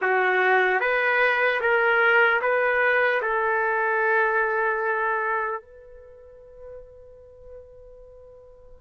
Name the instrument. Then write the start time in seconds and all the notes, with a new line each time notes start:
trumpet
0.01 F#4
0.80 B4
1.60 A#4
2.41 B4
3.21 A4
5.61 B4